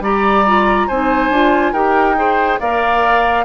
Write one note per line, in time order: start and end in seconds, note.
0.00 0.86 G3
0.00 0.45 G4
0.00 0.87 D5
0.00 0.88 A#5
0.46 0.89 F4
0.87 1.29 C4
0.87 1.32 D#4
0.87 1.72 C5
0.87 1.73 G#5
1.29 1.72 D4
1.29 1.74 F4
1.72 2.57 D#4
1.72 2.16 G4
1.72 2.15 A#4
1.72 2.59 G5
2.16 2.59 G#4
2.16 2.60 C5
2.59 3.44 A#3
2.59 3.44 A#4
2.59 3.44 D5
2.59 3.44 F5